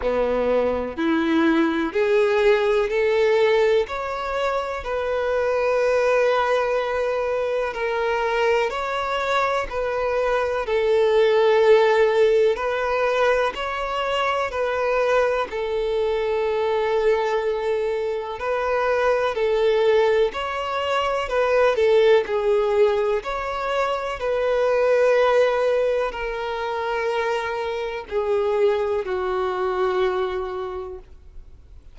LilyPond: \new Staff \with { instrumentName = "violin" } { \time 4/4 \tempo 4 = 62 b4 e'4 gis'4 a'4 | cis''4 b'2. | ais'4 cis''4 b'4 a'4~ | a'4 b'4 cis''4 b'4 |
a'2. b'4 | a'4 cis''4 b'8 a'8 gis'4 | cis''4 b'2 ais'4~ | ais'4 gis'4 fis'2 | }